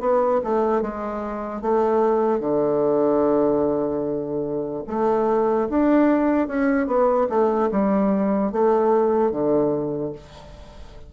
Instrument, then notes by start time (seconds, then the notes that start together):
bassoon
0.00 B3
0.43 A3
0.81 G#3
1.61 A3
2.40 D3
4.87 A3
5.69 D4
6.48 C#4
6.86 B3
7.29 A3
7.71 G3
8.52 A3
9.31 D3